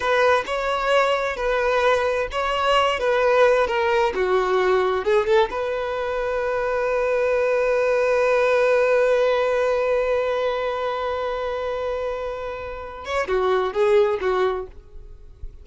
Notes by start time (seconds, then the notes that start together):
0.00 B4
0.45 C#5
1.36 B4
2.31 C#5
2.99 B4
3.67 A#4
4.14 F#4
5.04 G#4
5.26 A4
5.50 B4
13.05 C#5
13.27 F#4
13.73 G#4
14.20 F#4